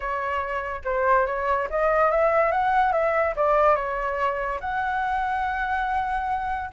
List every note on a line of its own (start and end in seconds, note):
0.00 0.81 C#5
0.84 1.26 C5
1.26 1.68 C#5
1.70 2.10 D#5
2.10 2.51 E5
2.51 2.92 F#5
2.92 3.34 E5
3.36 3.75 D5
3.75 4.59 C#5
4.60 6.70 F#5